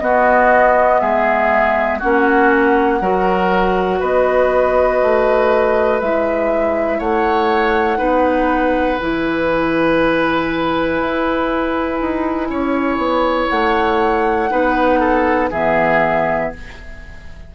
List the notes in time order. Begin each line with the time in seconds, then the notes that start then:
0.00 B3 F#4 D#5
1.00 G#3 G#4 E5
1.99 A#3 C#4 F#4 F#5
3.01 F#3 F#4 A#4
3.99 B3 B4 D#5
5.02 A3
6.00 G#3 E4 E5
6.98 A3 C#5 F#5
7.98 B3 D#4 B4
9.00 E3 E4 G#5
11.01 E4
12.01 D#4
12.50 C#4 C#5
12.97 B3
13.49 A3 F#5
14.50 B3 D#4 B4
15.00 A4
15.50 E3 B3 G#4 E5